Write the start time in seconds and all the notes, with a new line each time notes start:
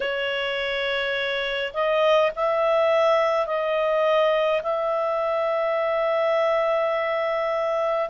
0.00 C#5
1.73 D#5
2.35 E5
3.46 D#5
4.63 E5